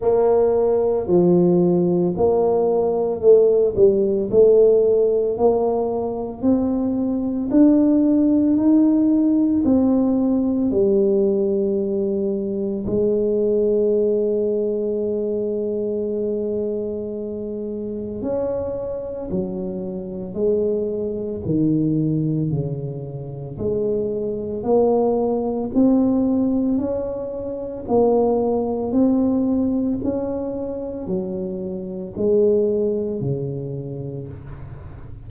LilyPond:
\new Staff \with { instrumentName = "tuba" } { \time 4/4 \tempo 4 = 56 ais4 f4 ais4 a8 g8 | a4 ais4 c'4 d'4 | dis'4 c'4 g2 | gis1~ |
gis4 cis'4 fis4 gis4 | dis4 cis4 gis4 ais4 | c'4 cis'4 ais4 c'4 | cis'4 fis4 gis4 cis4 | }